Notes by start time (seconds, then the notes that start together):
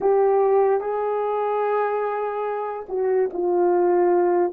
0.00 G4
0.80 G#4
2.88 F#4
3.33 F4